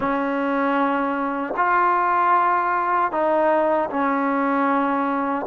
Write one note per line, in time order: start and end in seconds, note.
0.00 1.54 C#4
1.56 3.11 F4
3.11 3.89 D#4
3.90 5.45 C#4